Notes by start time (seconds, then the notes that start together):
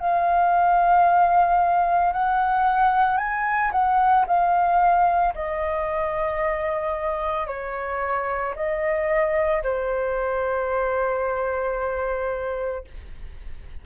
0.00 F5
2.13 F#5
3.18 G#5
3.72 F#5
4.27 F5
5.35 D#5
7.47 C#5
8.56 D#5
9.63 C5